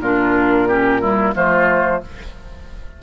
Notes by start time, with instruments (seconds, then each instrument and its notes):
0.00 bassoon A#2, clarinet D4, oboe F4, flute A#4
0.68 clarinet C#4, oboe G4
1.01 clarinet G3, oboe E4
1.36 bassoon F3, clarinet A3, oboe F4, flute C5